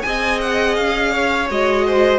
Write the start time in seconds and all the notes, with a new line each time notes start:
0.00 C4 G#4 D#5 G#5
0.41 F#5
0.74 C#4 F5
1.12 C#5
1.49 G#3 F#4 D#5
1.86 C5